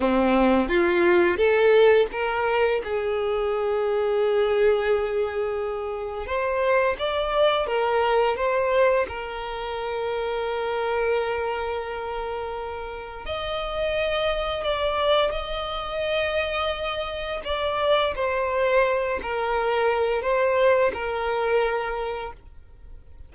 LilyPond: \new Staff \with { instrumentName = "violin" } { \time 4/4 \tempo 4 = 86 c'4 f'4 a'4 ais'4 | gis'1~ | gis'4 c''4 d''4 ais'4 | c''4 ais'2.~ |
ais'2. dis''4~ | dis''4 d''4 dis''2~ | dis''4 d''4 c''4. ais'8~ | ais'4 c''4 ais'2 | }